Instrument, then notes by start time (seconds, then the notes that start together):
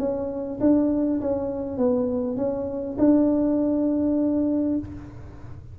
tuba
0.00 C#4
0.61 D4
1.21 C#4
1.78 B3
2.37 C#4
2.99 D4